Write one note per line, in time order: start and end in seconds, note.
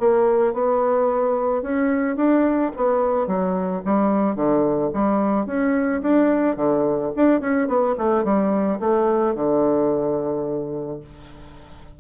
0.00 0.54 A#3
0.54 1.63 B3
1.63 2.16 C#4
2.16 2.71 D4
2.76 3.28 B3
3.28 3.83 F#3
3.85 4.36 G3
4.36 4.91 D3
4.94 5.47 G3
5.47 6.02 C#4
6.02 6.57 D4
6.57 7.12 D3
7.16 7.41 D4
7.41 7.68 C#4
7.68 7.95 B3
7.98 8.25 A3
8.25 8.80 G3
8.80 9.35 A3
9.36 11.01 D3